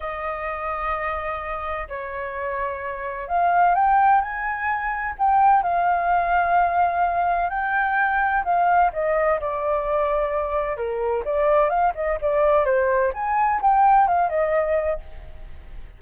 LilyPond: \new Staff \with { instrumentName = "flute" } { \time 4/4 \tempo 4 = 128 dis''1 | cis''2. f''4 | g''4 gis''2 g''4 | f''1 |
g''2 f''4 dis''4 | d''2. ais'4 | d''4 f''8 dis''8 d''4 c''4 | gis''4 g''4 f''8 dis''4. | }